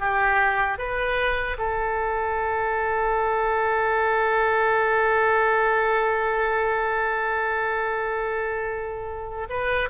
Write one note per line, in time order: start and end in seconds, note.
0.00 0.78 G4
0.78 1.57 B4
1.59 9.48 A4
9.50 9.89 B4